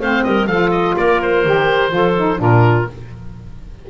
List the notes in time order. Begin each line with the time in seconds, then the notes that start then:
0.00 A3 C4 C5 F5
0.23 G3 A#4 D#5
0.46 F3 F4 A4 F5
0.71 D#5
0.96 A#3 A#4 D5
1.22 C5
1.44 D#3 G4
1.89 F3 F4 A4
2.16 D#4
2.38 A#2 D4 F4 A#4